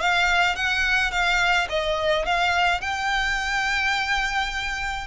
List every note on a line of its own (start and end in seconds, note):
0.00 0.55 F5
0.55 1.11 F#5
1.11 1.67 F5
1.69 2.25 D#5
2.25 2.80 F5
2.80 5.07 G5